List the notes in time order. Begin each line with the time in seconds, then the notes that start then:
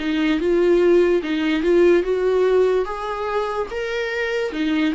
0.00 D#4
0.40 F4
1.23 D#4
1.63 F4
2.03 F#4
2.85 G#4
3.71 A#4
4.52 D#4